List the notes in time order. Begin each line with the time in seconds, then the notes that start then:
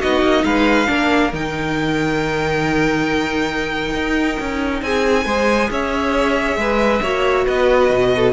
0.00 B3 D#4 F#4 D#5
0.22 A#3
0.45 G#3 B4 F5
0.87 A#3 D4 A#4
1.33 D#3 D#4 G5
3.94 D#4
4.40 C#4
4.82 C4 G#4 G#5
5.25 G#3 G#4 C5
5.70 C#4 C#5 E5
6.57 G#3 B4
7.03 A#3 F#4 C#5
7.45 B3 B4 D#5
7.90 B2
8.16 A4